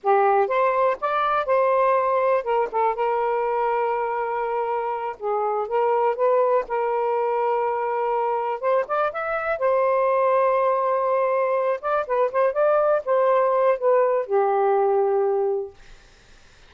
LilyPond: \new Staff \with { instrumentName = "saxophone" } { \time 4/4 \tempo 4 = 122 g'4 c''4 d''4 c''4~ | c''4 ais'8 a'8 ais'2~ | ais'2~ ais'8 gis'4 ais'8~ | ais'8 b'4 ais'2~ ais'8~ |
ais'4. c''8 d''8 e''4 c''8~ | c''1 | d''8 b'8 c''8 d''4 c''4. | b'4 g'2. | }